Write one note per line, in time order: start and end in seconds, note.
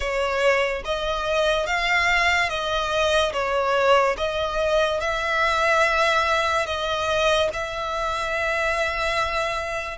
0.00 0.83 C#5
0.84 1.66 D#5
1.66 2.49 F5
2.49 3.32 D#5
3.33 4.16 C#5
4.17 5.00 D#5
5.00 6.66 E5
6.66 7.49 D#5
7.53 9.98 E5